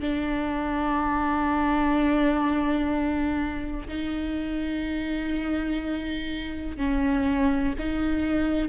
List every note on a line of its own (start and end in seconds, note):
0.00 3.87 D4
3.88 6.77 D#4
6.77 7.74 C#4
7.79 8.69 D#4